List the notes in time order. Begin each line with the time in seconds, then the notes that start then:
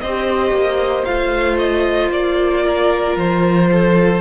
0.00 C4 G4 C5 D#5
0.51 A#3
1.05 A3 F4 F5
1.58 D#5
2.11 A#3 D5
2.64 A#4
3.16 F3 C5
3.72 A4